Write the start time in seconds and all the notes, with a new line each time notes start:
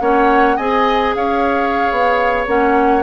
0.00 A#3 C#4 C#5 F#5
0.57 C4 G#4 D#5 G#5
1.15 C#4 C#5 F5
1.91 B3
2.47 A#3 C#4 F#5